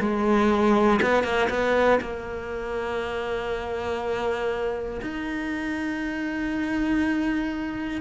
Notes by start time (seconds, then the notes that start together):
0.00 G#3
1.02 B3
1.23 A#3
1.49 B3
2.00 A#3
5.01 D#4